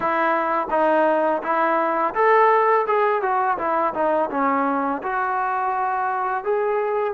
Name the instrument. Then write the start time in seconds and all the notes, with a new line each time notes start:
trombone
0.00 E4
0.70 D#4
1.42 E4
2.14 A4
2.86 G#4
3.21 F#4
3.57 E4
3.94 D#4
4.30 C#4
5.03 F#4
6.44 G#4